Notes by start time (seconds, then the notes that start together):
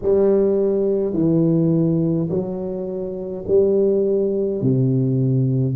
0.02 G3
1.13 E3
2.29 F#3
3.47 G3
4.61 C3